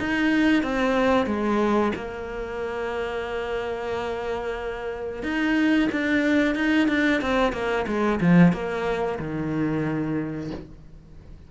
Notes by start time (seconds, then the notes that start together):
0.00 D#4
0.63 C4
1.26 G#3
1.96 A#3
5.24 D#4
5.92 D4
6.55 D#4
6.89 D4
7.22 C4
7.53 A#3
7.87 G#3
8.21 F3
8.53 A#3
9.19 D#3